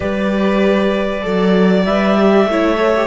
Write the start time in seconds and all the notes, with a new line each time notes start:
0.00 G3 G4 B4 D5
1.21 F#3 A4 D5
1.85 G3 B4 E5
2.17 G4
2.45 A3 E4 C#5
2.77 A4
2.95 G4